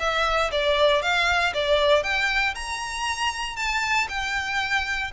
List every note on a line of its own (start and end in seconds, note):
0.00 0.51 E5
0.52 1.02 D5
1.02 1.54 F5
1.54 2.03 D5
2.03 2.55 G5
2.55 3.57 A#5
3.57 4.08 A5
4.09 5.12 G5